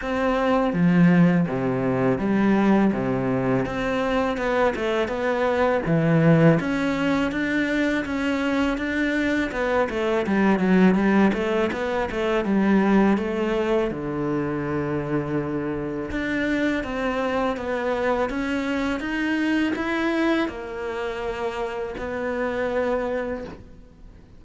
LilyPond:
\new Staff \with { instrumentName = "cello" } { \time 4/4 \tempo 4 = 82 c'4 f4 c4 g4 | c4 c'4 b8 a8 b4 | e4 cis'4 d'4 cis'4 | d'4 b8 a8 g8 fis8 g8 a8 |
b8 a8 g4 a4 d4~ | d2 d'4 c'4 | b4 cis'4 dis'4 e'4 | ais2 b2 | }